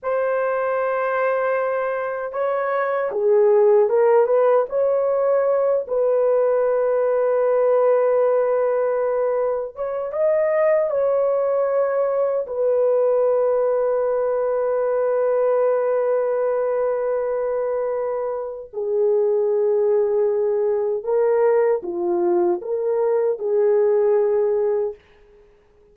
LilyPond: \new Staff \with { instrumentName = "horn" } { \time 4/4 \tempo 4 = 77 c''2. cis''4 | gis'4 ais'8 b'8 cis''4. b'8~ | b'1~ | b'8 cis''8 dis''4 cis''2 |
b'1~ | b'1 | gis'2. ais'4 | f'4 ais'4 gis'2 | }